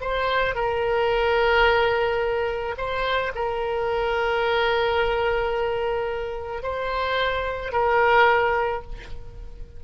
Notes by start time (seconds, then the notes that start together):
0.00 C5
0.55 A#4
2.77 C5
3.35 A#4
6.62 C5
7.72 A#4